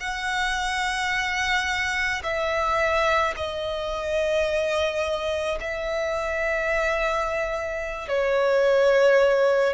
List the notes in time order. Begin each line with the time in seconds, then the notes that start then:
0.00 F#5
2.23 E5
3.36 D#5
5.60 E5
8.08 C#5